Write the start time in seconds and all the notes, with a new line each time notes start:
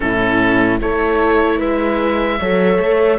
0.00 A2 C#4 E4 A4
0.80 A3 E4 A4 C#5
1.58 G#3 B4 E5
2.39 F#3 A4 C#5
2.78 A3